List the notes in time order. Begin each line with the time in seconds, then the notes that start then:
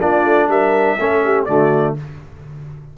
0.00 A#3 D4 F4 D5
0.24 A3
0.48 G3 A#4 E5
0.99 A3 C#4 A4
1.24 G4
1.45 D3 A3 F#4 D5